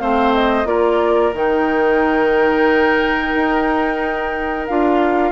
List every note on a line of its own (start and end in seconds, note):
0.00 0.65 A3
0.00 0.66 C4
0.00 0.68 C5
0.00 0.33 F5
0.34 0.67 D#5
0.65 1.32 A#3
0.65 1.32 F4
0.65 5.32 A#4
0.65 1.34 D5
1.34 3.34 D#3
1.34 4.68 D#4
1.34 4.67 G5
3.36 4.69 D#4
4.67 5.32 D4
4.67 5.32 F4
4.67 5.32 F5